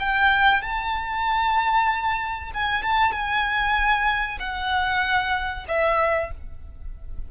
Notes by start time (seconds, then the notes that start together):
0.00 G5
0.62 A5
2.54 G#5
2.83 A5
3.12 G#5
4.40 F#5
5.69 E5